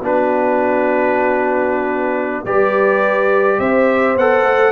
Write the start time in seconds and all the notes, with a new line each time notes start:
0.00 B3 D4 F#4 B4
2.44 G3 G4 B4 D5
3.59 C4 C5 E5
4.16 B3 A4 F#5
4.43 A3